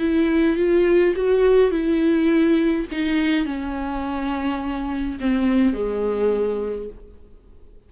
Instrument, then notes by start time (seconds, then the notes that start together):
viola
0.00 E4
0.57 F4
1.16 F#4
1.72 E4
2.92 D#4
3.46 C#4
5.21 C4
5.74 G#3